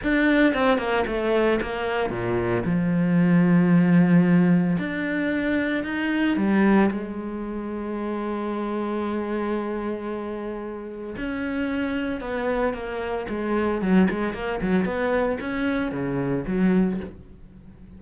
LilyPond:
\new Staff \with { instrumentName = "cello" } { \time 4/4 \tempo 4 = 113 d'4 c'8 ais8 a4 ais4 | ais,4 f2.~ | f4 d'2 dis'4 | g4 gis2.~ |
gis1~ | gis4 cis'2 b4 | ais4 gis4 fis8 gis8 ais8 fis8 | b4 cis'4 cis4 fis4 | }